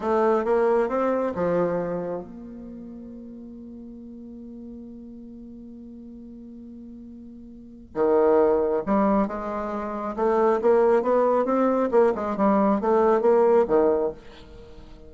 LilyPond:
\new Staff \with { instrumentName = "bassoon" } { \time 4/4 \tempo 4 = 136 a4 ais4 c'4 f4~ | f4 ais2.~ | ais1~ | ais1~ |
ais2 dis2 | g4 gis2 a4 | ais4 b4 c'4 ais8 gis8 | g4 a4 ais4 dis4 | }